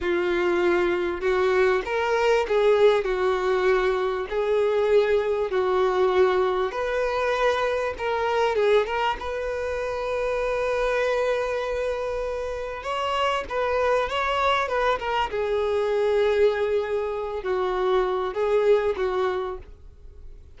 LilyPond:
\new Staff \with { instrumentName = "violin" } { \time 4/4 \tempo 4 = 98 f'2 fis'4 ais'4 | gis'4 fis'2 gis'4~ | gis'4 fis'2 b'4~ | b'4 ais'4 gis'8 ais'8 b'4~ |
b'1~ | b'4 cis''4 b'4 cis''4 | b'8 ais'8 gis'2.~ | gis'8 fis'4. gis'4 fis'4 | }